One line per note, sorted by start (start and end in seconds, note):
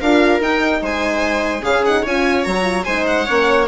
0.00 0.40 D4
0.00 0.42 F4
0.00 0.82 A#4
0.00 0.41 F5
0.40 0.81 D#4
0.40 1.62 D#4
0.40 0.83 G5
0.82 1.62 G#3
0.82 1.62 C5
0.82 1.64 G#5
1.62 2.03 C#3
1.62 1.83 C#4
1.62 2.02 G#4
1.62 1.84 F5
1.85 2.06 D#4
1.85 2.05 F#5
2.02 2.46 C#4
2.02 2.46 F4
2.02 2.84 C#5
2.02 2.43 G#5
2.43 2.86 F#3
2.43 2.62 F#4
2.43 2.84 A#5
2.62 2.83 F4
2.84 3.27 G#3
2.84 3.27 D#4
2.84 3.26 C5
2.84 3.04 G#5
3.06 3.67 F#5
3.26 3.67 A#3
3.26 3.67 C#4
3.26 3.67 C#5